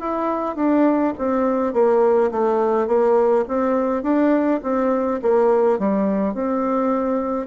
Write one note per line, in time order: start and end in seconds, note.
0.00 0.56 E4
0.56 1.13 D4
1.18 1.73 C4
1.73 2.31 A#3
2.31 2.87 A3
2.87 3.45 A#3
3.48 4.02 C4
4.02 4.60 D4
4.63 5.20 C4
5.22 5.78 A#3
5.78 6.34 G3
6.34 7.47 C4